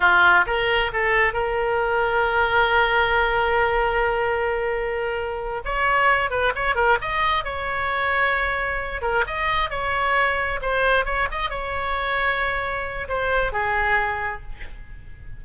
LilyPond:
\new Staff \with { instrumentName = "oboe" } { \time 4/4 \tempo 4 = 133 f'4 ais'4 a'4 ais'4~ | ais'1~ | ais'1~ | ais'8 cis''4. b'8 cis''8 ais'8 dis''8~ |
dis''8 cis''2.~ cis''8 | ais'8 dis''4 cis''2 c''8~ | c''8 cis''8 dis''8 cis''2~ cis''8~ | cis''4 c''4 gis'2 | }